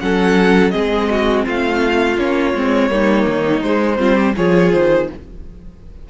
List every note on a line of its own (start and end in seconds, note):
0.00 0.73 F#3
0.00 0.71 C#4
0.00 0.72 A4
0.00 0.70 F#5
0.70 1.46 G#3
0.70 2.16 C4
0.70 1.08 G#4
0.70 1.42 D#5
1.10 1.45 F#4
1.45 2.17 A3
1.45 2.89 F4
1.45 2.19 F5
2.17 2.53 A#3
2.17 2.54 C#4
2.17 3.62 C#5
2.54 2.89 G#3
2.54 2.90 C4
2.89 3.25 G3
2.89 3.62 A#3
2.89 3.99 D#4
3.27 3.62 D#3
3.62 3.98 G#3
3.62 3.97 G#3
3.62 4.34 C5
3.97 4.35 G3
3.97 4.33 C4
3.97 4.14 F4
4.14 4.33 G4
4.36 4.73 F3
4.36 5.08 F4
4.36 5.08 G#4
4.36 4.72 C#5
4.72 5.09 D#3
4.72 5.08 C5